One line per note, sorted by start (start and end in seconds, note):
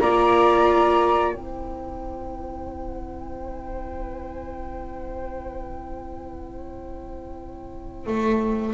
0.00 1.34 A#3
0.00 1.34 F4
0.00 1.36 D5
0.00 1.32 A#5
1.32 8.06 C4
1.32 8.74 E4
1.32 8.74 C5
1.32 8.74 G5
8.06 8.74 A3